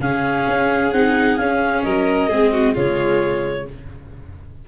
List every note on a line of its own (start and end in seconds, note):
0.00 0.46 C#3
0.00 0.93 C#4
0.00 1.85 G#4
0.00 0.92 F5
0.48 0.92 C#4
0.92 1.38 C4
0.92 1.40 D#4
0.92 1.37 F#5
1.37 1.84 C#4
1.37 2.31 C#4
1.37 1.83 F5
1.83 2.29 F#3
1.83 2.29 A#4
1.83 2.75 D#5
2.29 2.75 G#3
2.29 2.75 C4
2.29 2.52 G#4
2.52 2.74 F#4
2.74 3.68 C#3
2.74 3.67 G#3
2.74 3.66 F4
2.74 3.68 C#5